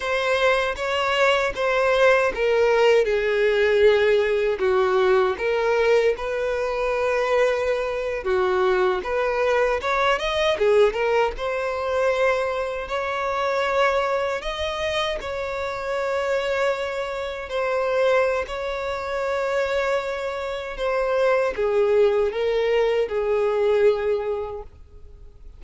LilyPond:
\new Staff \with { instrumentName = "violin" } { \time 4/4 \tempo 4 = 78 c''4 cis''4 c''4 ais'4 | gis'2 fis'4 ais'4 | b'2~ b'8. fis'4 b'16~ | b'8. cis''8 dis''8 gis'8 ais'8 c''4~ c''16~ |
c''8. cis''2 dis''4 cis''16~ | cis''2~ cis''8. c''4~ c''16 | cis''2. c''4 | gis'4 ais'4 gis'2 | }